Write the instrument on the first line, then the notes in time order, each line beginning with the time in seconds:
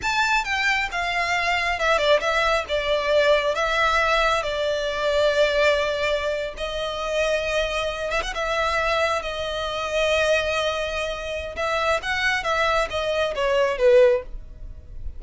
violin
0.01 A5
0.44 G5
0.91 F5
1.79 E5
1.98 D5
2.20 E5
2.68 D5
3.54 E5
4.42 D5
6.57 D#5
8.10 E5
8.22 F#5
8.34 E5
9.22 D#5
11.56 E5
12.02 F#5
12.43 E5
12.89 D#5
13.35 C#5
13.78 B4